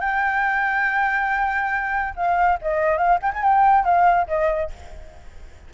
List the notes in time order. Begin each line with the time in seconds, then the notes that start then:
0.00 G5
2.16 F5
2.62 D#5
2.98 F5
3.22 G5
3.34 G#5
3.43 G5
3.84 F5
4.28 D#5